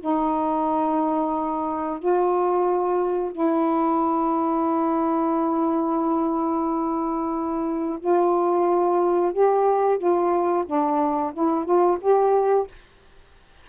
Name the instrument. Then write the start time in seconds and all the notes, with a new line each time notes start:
saxophone
0.00 D#4
1.99 F4
3.32 E4
8.00 F4
9.33 G4
9.98 F4
10.66 D4
11.34 E4
11.65 F4
12.01 G4